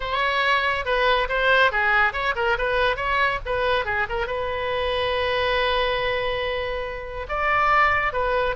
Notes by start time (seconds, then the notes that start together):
0.00 C#5
0.85 B4
1.29 C5
1.71 G#4
2.12 C#5
2.35 A#4
2.58 B4
2.96 C#5
3.45 B4
3.85 G#4
4.09 A#4
4.26 B4
7.29 D5
8.13 B4